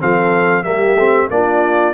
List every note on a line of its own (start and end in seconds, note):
0.00 0.65 F3
0.00 0.64 C4
0.00 0.64 A4
0.00 0.64 F5
0.64 0.95 G3
0.64 0.97 A#3
0.64 1.29 G4
0.64 1.29 E5
0.95 1.28 A3
0.95 1.31 C4
1.30 1.94 A#3
1.30 1.94 D4
1.30 1.94 F4
1.30 1.94 D5